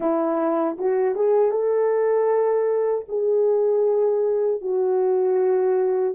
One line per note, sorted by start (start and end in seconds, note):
0.00 0.77 E4
0.78 1.15 F#4
1.15 1.51 G#4
1.51 3.05 A4
3.08 4.61 G#4
4.61 6.14 F#4